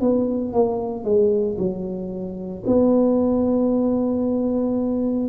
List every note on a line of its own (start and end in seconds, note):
0.00 0.53 B3
0.53 1.04 A#3
1.04 1.56 G#3
1.58 2.63 F#3
2.66 5.29 B3